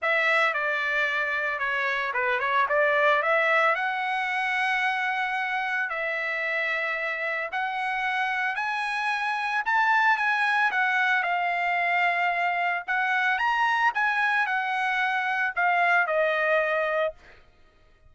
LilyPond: \new Staff \with { instrumentName = "trumpet" } { \time 4/4 \tempo 4 = 112 e''4 d''2 cis''4 | b'8 cis''8 d''4 e''4 fis''4~ | fis''2. e''4~ | e''2 fis''2 |
gis''2 a''4 gis''4 | fis''4 f''2. | fis''4 ais''4 gis''4 fis''4~ | fis''4 f''4 dis''2 | }